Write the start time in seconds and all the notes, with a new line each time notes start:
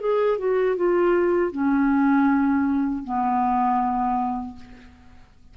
0.00 G#4
0.38 F#4
0.76 F4
1.52 C#4
3.03 B3